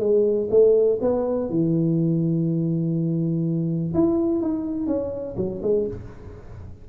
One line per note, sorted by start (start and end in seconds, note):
0.00 0.49 G#3
0.51 1.00 A3
1.02 1.50 B3
1.50 3.94 E3
3.94 4.42 E4
4.42 4.87 D#4
4.87 5.36 C#4
5.37 5.62 F#3
5.63 5.87 G#3